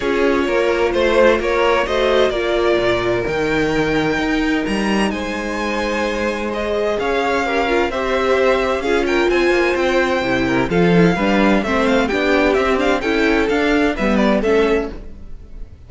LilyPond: <<
  \new Staff \with { instrumentName = "violin" } { \time 4/4 \tempo 4 = 129 cis''2 c''4 cis''4 | dis''4 d''2 g''4~ | g''2 ais''4 gis''4~ | gis''2 dis''4 f''4~ |
f''4 e''2 f''8 g''8 | gis''4 g''2 f''4~ | f''4 e''8 f''8 g''4 e''8 f''8 | g''4 f''4 e''8 d''8 e''4 | }
  \new Staff \with { instrumentName = "violin" } { \time 4/4 gis'4 ais'4 c''4 ais'4 | c''4 ais'2.~ | ais'2. c''4~ | c''2. cis''4 |
ais'4 c''2 gis'8 ais'8 | c''2~ c''8 ais'8 a'4 | b'4 c''4 g'2 | a'2 b'4 a'4 | }
  \new Staff \with { instrumentName = "viola" } { \time 4/4 f'1 | fis'4 f'2 dis'4~ | dis'1~ | dis'2 gis'2 |
g'8 f'8 g'2 f'4~ | f'2 e'4 f'8 e'8 | d'4 c'4 d'4 c'8 d'8 | e'4 d'4 b4 cis'4 | }
  \new Staff \with { instrumentName = "cello" } { \time 4/4 cis'4 ais4 a4 ais4 | a4 ais4 ais,4 dis4~ | dis4 dis'4 g4 gis4~ | gis2. cis'4~ |
cis'4 c'2 cis'4 | c'8 ais8 c'4 c4 f4 | g4 a4 b4 c'4 | cis'4 d'4 g4 a4 | }
>>